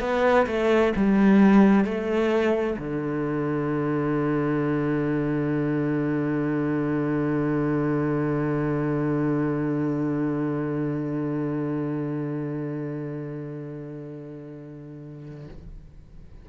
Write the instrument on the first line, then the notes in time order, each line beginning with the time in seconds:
cello
0.00 B3
0.47 A3
0.96 G3
1.85 A3
2.78 D3